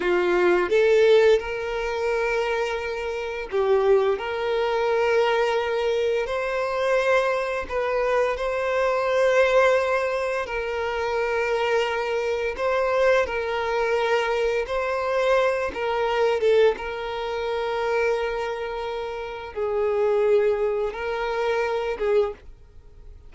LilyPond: \new Staff \with { instrumentName = "violin" } { \time 4/4 \tempo 4 = 86 f'4 a'4 ais'2~ | ais'4 g'4 ais'2~ | ais'4 c''2 b'4 | c''2. ais'4~ |
ais'2 c''4 ais'4~ | ais'4 c''4. ais'4 a'8 | ais'1 | gis'2 ais'4. gis'8 | }